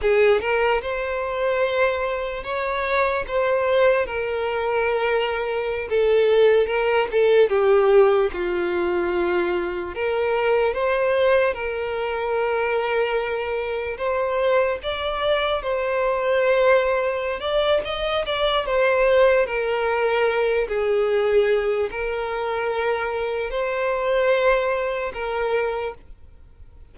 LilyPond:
\new Staff \with { instrumentName = "violin" } { \time 4/4 \tempo 4 = 74 gis'8 ais'8 c''2 cis''4 | c''4 ais'2~ ais'16 a'8.~ | a'16 ais'8 a'8 g'4 f'4.~ f'16~ | f'16 ais'4 c''4 ais'4.~ ais'16~ |
ais'4~ ais'16 c''4 d''4 c''8.~ | c''4. d''8 dis''8 d''8 c''4 | ais'4. gis'4. ais'4~ | ais'4 c''2 ais'4 | }